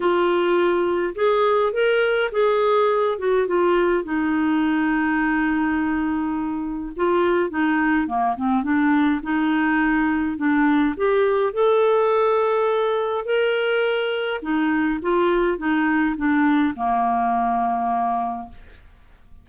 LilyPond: \new Staff \with { instrumentName = "clarinet" } { \time 4/4 \tempo 4 = 104 f'2 gis'4 ais'4 | gis'4. fis'8 f'4 dis'4~ | dis'1 | f'4 dis'4 ais8 c'8 d'4 |
dis'2 d'4 g'4 | a'2. ais'4~ | ais'4 dis'4 f'4 dis'4 | d'4 ais2. | }